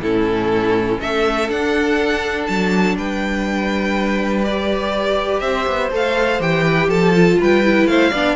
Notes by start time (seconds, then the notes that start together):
0.00 A2 C#4 E4 A4
1.00 A3 A4 E5
1.49 D4 F#5
2.47 F#3 A5
2.97 G3 B4 G5
4.44 G4 D5
5.40 C4 C5 E5
5.67 B3
5.92 A3 A4 F5
6.40 E3 G4 G5
6.64 B4
6.88 F3 A4 A5
7.16 F4
7.40 G3 B4 G5
7.64 E4
7.86 A3 C5 F5
8.11 B3 D4 D5